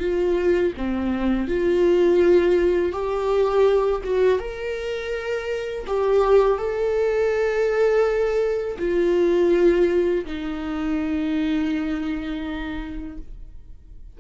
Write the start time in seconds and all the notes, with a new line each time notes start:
0.00 F4
0.77 C4
1.48 F4
2.92 G4
4.04 F#4
4.39 A#4
5.87 G4
6.58 A4
8.79 F4
10.25 D#4